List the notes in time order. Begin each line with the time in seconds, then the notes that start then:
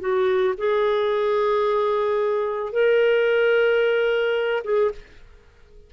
0.00 F#4
0.58 G#4
2.73 A#4
4.64 G#4